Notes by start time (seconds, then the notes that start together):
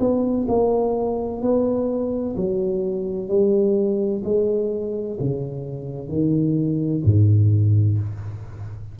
0.00 B3
0.49 A#3
1.42 B3
2.37 F#3
3.29 G3
4.24 G#3
5.20 C#3
6.09 D#3
7.05 G#2